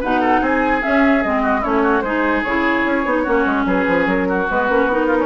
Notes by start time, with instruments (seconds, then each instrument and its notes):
0.00 bassoon B2, clarinet D#4, oboe B4, flute F#5
0.20 oboe A4
0.41 bassoon C4, oboe G#4, flute G#5
0.81 clarinet C#4, bassoon C#4, flute E5
1.23 bassoon G#3, clarinet C4, flute D#5
1.42 oboe F#4
1.60 bassoon A3, clarinet C#4, oboe E4, flute C#5
1.83 oboe F#4
2.01 bassoon G#3, clarinet D#4, oboe G#4, flute C5
2.43 bassoon C#3, clarinet E4, flute C#5
2.85 bassoon C#4
3.05 bassoon B3, clarinet D#4
3.23 bassoon A#3, clarinet C#4, oboe F#4
3.45 bassoon G#3
3.65 bassoon F#3, oboe G#4, flute B4
3.88 bassoon F3
4.05 bassoon F#3, flute A#4
4.28 oboe F#4
4.50 bassoon G#3, clarinet B3, flute B4
4.69 bassoon A#3, clarinet C#4
4.85 bassoon B3, clarinet D#4, flute A#4
5.06 oboe F4
5.18 oboe C#4